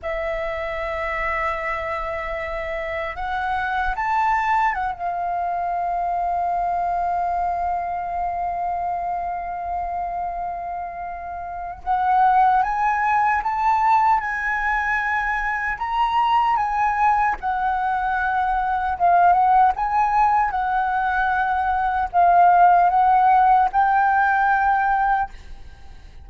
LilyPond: \new Staff \with { instrumentName = "flute" } { \time 4/4 \tempo 4 = 76 e''1 | fis''4 a''4 fis''16 f''4.~ f''16~ | f''1~ | f''2. fis''4 |
gis''4 a''4 gis''2 | ais''4 gis''4 fis''2 | f''8 fis''8 gis''4 fis''2 | f''4 fis''4 g''2 | }